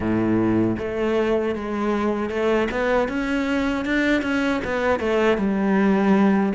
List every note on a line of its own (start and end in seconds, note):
0.00 0.77 A2
0.78 1.55 A3
1.55 2.29 G#3
2.29 2.67 A3
2.71 3.08 B3
3.08 3.85 C#4
3.85 4.22 D4
4.22 4.60 C#4
4.64 4.99 B3
4.99 5.37 A3
5.37 6.52 G3